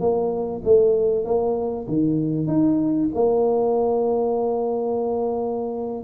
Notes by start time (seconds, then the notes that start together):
0.00 A#3
0.64 A3
1.25 A#3
1.88 D#3
2.47 D#4
3.14 A#3